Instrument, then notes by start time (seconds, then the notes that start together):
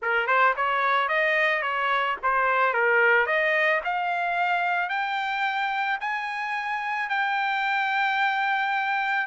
trumpet
0.01 A#4
0.26 C5
0.56 C#5
1.08 D#5
1.62 C#5
2.22 C5
2.73 A#4
3.26 D#5
3.84 F5
4.89 G5
6.00 G#5
7.09 G5